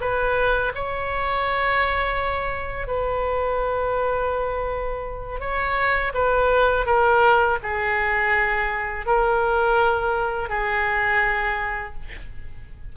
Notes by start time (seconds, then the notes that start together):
0.00 B4
0.75 C#5
2.87 B4
5.40 C#5
6.14 B4
6.85 A#4
7.63 G#4
9.06 A#4
10.49 G#4